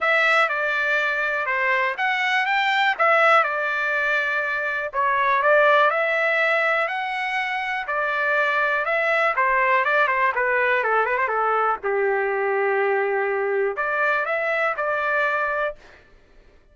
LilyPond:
\new Staff \with { instrumentName = "trumpet" } { \time 4/4 \tempo 4 = 122 e''4 d''2 c''4 | fis''4 g''4 e''4 d''4~ | d''2 cis''4 d''4 | e''2 fis''2 |
d''2 e''4 c''4 | d''8 c''8 b'4 a'8 b'16 c''16 a'4 | g'1 | d''4 e''4 d''2 | }